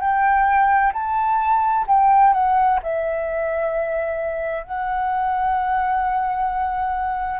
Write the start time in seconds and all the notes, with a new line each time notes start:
0.00 G5
0.93 A5
1.87 G5
2.33 F#5
2.82 E5
4.63 F#5